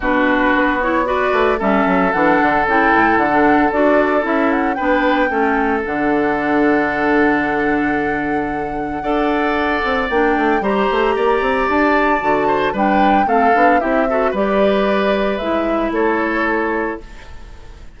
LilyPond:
<<
  \new Staff \with { instrumentName = "flute" } { \time 4/4 \tempo 4 = 113 b'4. cis''8 d''4 e''4 | fis''4 g''4 fis''4 d''4 | e''8 fis''8 g''2 fis''4~ | fis''1~ |
fis''2. g''4 | ais''2 a''2 | g''4 f''4 e''4 d''4~ | d''4 e''4 cis''2 | }
  \new Staff \with { instrumentName = "oboe" } { \time 4/4 fis'2 b'4 a'4~ | a'1~ | a'4 b'4 a'2~ | a'1~ |
a'4 d''2. | c''4 d''2~ d''8 c''8 | b'4 a'4 g'8 a'8 b'4~ | b'2 a'2 | }
  \new Staff \with { instrumentName = "clarinet" } { \time 4/4 d'4. e'8 fis'4 cis'4 | d'4 e'4~ e'16 d'8. fis'4 | e'4 d'4 cis'4 d'4~ | d'1~ |
d'4 a'2 d'4 | g'2. fis'4 | d'4 c'8 d'8 e'8 fis'8 g'4~ | g'4 e'2. | }
  \new Staff \with { instrumentName = "bassoon" } { \time 4/4 b,4 b4. a8 g8 fis8 | e8 d8 cis8 a,8 d4 d'4 | cis'4 b4 a4 d4~ | d1~ |
d4 d'4. c'8 ais8 a8 | g8 a8 ais8 c'8 d'4 d4 | g4 a8 b8 c'4 g4~ | g4 gis4 a2 | }
>>